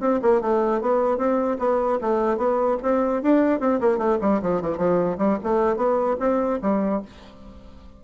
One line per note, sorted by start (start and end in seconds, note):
0.00 0.20 C4
0.22 0.41 A#3
0.41 0.81 A3
0.81 1.17 B3
1.17 1.57 C4
1.59 1.99 B3
2.01 2.37 A3
2.37 2.77 B3
2.82 3.22 C4
3.22 3.60 D4
3.60 3.80 C4
3.81 3.98 A#3
3.98 4.18 A3
4.21 4.41 G3
4.42 4.61 F3
4.61 4.78 E3
4.78 5.18 F3
5.18 5.38 G3
5.43 5.76 A3
5.76 6.16 B3
6.20 6.60 C4
6.62 7.02 G3